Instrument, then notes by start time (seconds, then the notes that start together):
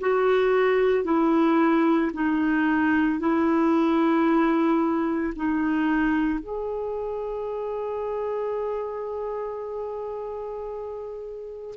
clarinet
0.00 F#4
1.04 E4
2.13 D#4
3.19 E4
5.36 D#4
6.39 G#4